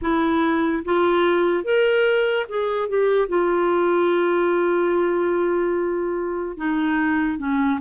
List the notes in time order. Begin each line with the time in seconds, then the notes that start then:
0.01 E4
0.84 F4
1.64 A#4
2.48 G#4
2.88 G4
3.28 F4
6.57 D#4
7.38 C#4